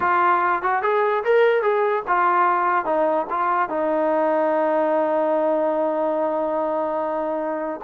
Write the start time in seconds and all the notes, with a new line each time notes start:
0.00 F4
0.62 F#4
0.82 G#4
1.24 A#4
1.62 G#4
2.07 F4
2.85 D#4
3.30 F4
3.69 D#4